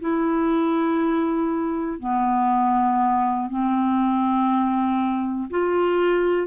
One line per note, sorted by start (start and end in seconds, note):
0.00 2.00 E4
2.00 3.50 B3
3.50 5.50 C4
5.50 6.47 F4